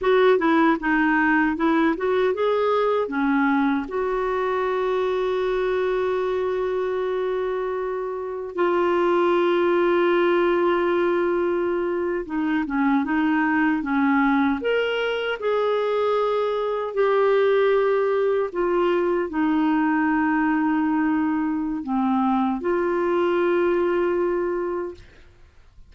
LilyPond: \new Staff \with { instrumentName = "clarinet" } { \time 4/4 \tempo 4 = 77 fis'8 e'8 dis'4 e'8 fis'8 gis'4 | cis'4 fis'2.~ | fis'2. f'4~ | f'2.~ f'8. dis'16~ |
dis'16 cis'8 dis'4 cis'4 ais'4 gis'16~ | gis'4.~ gis'16 g'2 f'16~ | f'8. dis'2.~ dis'16 | c'4 f'2. | }